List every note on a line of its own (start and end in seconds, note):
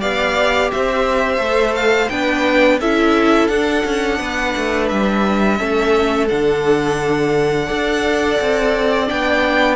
0.00 0.71 B3
0.00 1.38 G4
0.00 0.70 D5
0.00 0.70 F5
0.71 1.37 C4
0.71 2.11 C5
0.71 1.74 E5
1.37 2.07 A3
1.37 2.08 A4
1.74 2.08 F5
2.08 2.79 B3
2.08 2.80 D4
2.08 2.80 B4
2.08 2.78 G5
2.79 3.48 C#4
2.79 3.51 E4
2.79 4.19 A4
2.79 3.47 E5
3.47 3.83 D4
3.47 5.57 D4
3.47 4.87 F#5
3.85 4.19 C#4
4.19 4.54 B3
4.19 5.58 B4
4.56 4.91 A3
4.88 5.60 G3
4.88 6.27 E5
5.57 6.30 A3
5.57 6.27 C#4
5.57 7.66 A4
6.28 7.69 D3
6.28 7.67 D4
6.28 9.07 F#5
7.66 8.39 D4
7.66 9.06 A4
7.66 9.75 D5
8.40 9.10 C4
9.06 9.76 B3
9.06 9.76 D4
9.06 9.76 G5